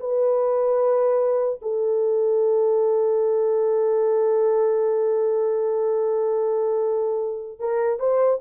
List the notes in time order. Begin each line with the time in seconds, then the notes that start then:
0.00 B4
1.62 A4
7.60 A#4
8.00 C5